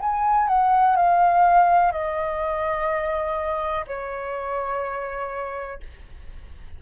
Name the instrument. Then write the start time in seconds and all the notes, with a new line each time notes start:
flute
0.00 G#5
0.48 F#5
0.97 F5
1.92 D#5
3.87 C#5